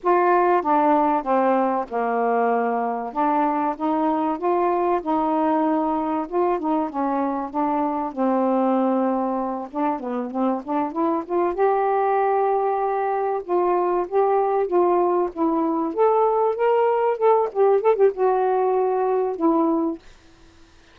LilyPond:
\new Staff \with { instrumentName = "saxophone" } { \time 4/4 \tempo 4 = 96 f'4 d'4 c'4 ais4~ | ais4 d'4 dis'4 f'4 | dis'2 f'8 dis'8 cis'4 | d'4 c'2~ c'8 d'8 |
b8 c'8 d'8 e'8 f'8 g'4.~ | g'4. f'4 g'4 f'8~ | f'8 e'4 a'4 ais'4 a'8 | g'8 a'16 g'16 fis'2 e'4 | }